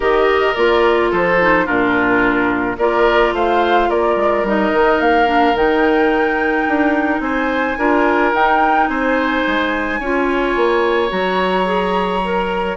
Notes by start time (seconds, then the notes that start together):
0.00 D#3 G4 A#4 D#5
0.55 A#3 F4 D5
1.10 F3 A4 C5
1.40 D#4
1.65 A#2 D4 F4 A#4
2.77 A#3 F4 A#4 D5
3.32 A3 C5 F5
3.89 A#3 A#4 D5
4.16 G#3
4.43 G3 D#4 D#5
4.72 D#3
5.00 A#3 F5
5.25 D4
5.53 D#3 D#4 G5
6.68 D4
7.19 C4 C5 G#5
7.77 D4 F4 A#4
8.32 D#4 G5
8.87 C4 C5 G#5
9.46 G#3
9.99 C#4 F4 C#5
10.56 A#3
11.08 F#3 F#4 A#5
11.64 G#4
12.24 A#4